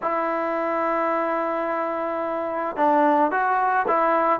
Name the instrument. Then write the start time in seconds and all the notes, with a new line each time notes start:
trombone
0.02 E4
2.76 D4
3.31 F#4
3.87 E4